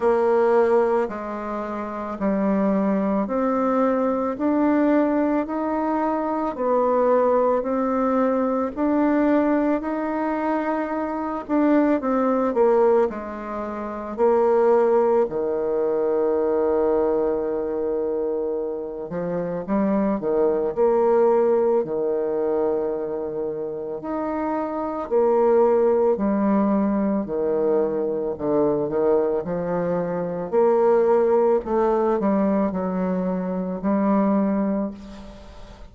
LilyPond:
\new Staff \with { instrumentName = "bassoon" } { \time 4/4 \tempo 4 = 55 ais4 gis4 g4 c'4 | d'4 dis'4 b4 c'4 | d'4 dis'4. d'8 c'8 ais8 | gis4 ais4 dis2~ |
dis4. f8 g8 dis8 ais4 | dis2 dis'4 ais4 | g4 dis4 d8 dis8 f4 | ais4 a8 g8 fis4 g4 | }